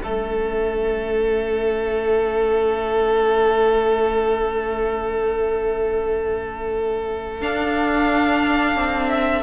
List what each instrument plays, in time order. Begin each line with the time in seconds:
0.00 cello A3, viola C#4, violin A4 E5
7.41 viola D4, cello D4, violin F5
8.75 cello C4
9.09 violin E5